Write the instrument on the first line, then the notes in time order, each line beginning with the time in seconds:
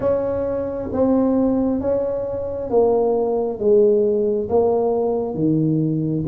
tuba
0.00 C#4
0.92 C4
1.80 C#4
2.69 A#3
3.59 G#3
4.49 A#3
5.34 D#3